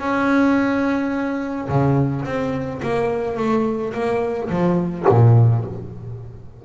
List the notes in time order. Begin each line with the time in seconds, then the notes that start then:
0.00 C#4
1.68 C#3
2.25 C4
2.82 A#3
3.37 A3
3.93 A#3
4.50 F3
5.09 A#2